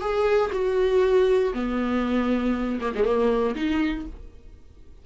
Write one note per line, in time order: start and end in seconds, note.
0.00 0.50 G#4
0.52 1.53 F#4
1.53 2.79 B3
2.80 2.93 A#3
2.94 3.04 G#3
3.04 3.54 A#3
3.55 4.05 D#4